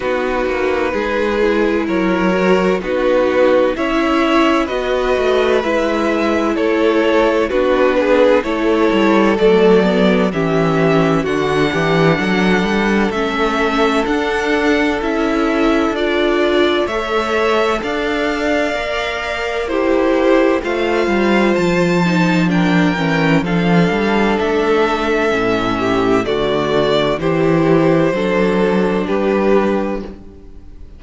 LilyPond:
<<
  \new Staff \with { instrumentName = "violin" } { \time 4/4 \tempo 4 = 64 b'2 cis''4 b'4 | e''4 dis''4 e''4 cis''4 | b'4 cis''4 d''4 e''4 | fis''2 e''4 fis''4 |
e''4 d''4 e''4 f''4~ | f''4 c''4 f''4 a''4 | g''4 f''4 e''2 | d''4 c''2 b'4 | }
  \new Staff \with { instrumentName = "violin" } { \time 4/4 fis'4 gis'4 ais'4 fis'4 | cis''4 b'2 a'4 | fis'8 gis'8 a'2 g'4 | fis'8 g'8 a'2.~ |
a'2 cis''4 d''4~ | d''4 g'4 c''2 | ais'4 a'2~ a'8 g'8 | fis'4 g'4 a'4 g'4 | }
  \new Staff \with { instrumentName = "viola" } { \time 4/4 dis'4. e'4 fis'8 dis'4 | e'4 fis'4 e'2 | d'4 e'4 a8 b8 cis'4 | d'2 cis'4 d'4 |
e'4 f'4 a'2 | ais'4 e'4 f'4. dis'8 | d'8 cis'8 d'2 cis'4 | a4 e'4 d'2 | }
  \new Staff \with { instrumentName = "cello" } { \time 4/4 b8 ais8 gis4 fis4 b4 | cis'4 b8 a8 gis4 a4 | b4 a8 g8 fis4 e4 | d8 e8 fis8 g8 a4 d'4 |
cis'4 d'4 a4 d'4 | ais2 a8 g8 f4~ | f8 e8 f8 g8 a4 a,4 | d4 e4 fis4 g4 | }
>>